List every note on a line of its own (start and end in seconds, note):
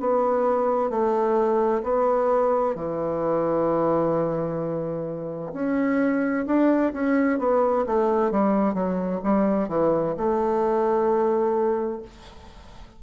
0.00 0.90 B3
0.90 1.82 A3
1.83 2.75 B3
2.75 5.52 E3
5.53 6.45 C#4
6.46 6.92 D4
6.93 7.38 C#4
7.38 7.85 B3
7.86 8.31 A3
8.31 8.74 G3
8.74 9.20 F#3
9.23 9.68 G3
9.68 10.15 E3
10.17 12.02 A3